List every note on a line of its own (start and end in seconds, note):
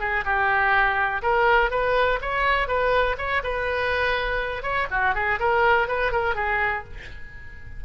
0.00 0.24 G#4
0.25 1.22 G4
1.22 1.71 A#4
1.71 2.20 B4
2.22 2.68 C#5
2.68 3.16 B4
3.18 3.42 C#5
3.44 4.63 B4
4.63 4.87 C#5
4.91 5.15 F#4
5.15 5.39 G#4
5.39 5.88 A#4
5.88 6.12 B4
6.12 6.35 A#4
6.35 6.84 G#4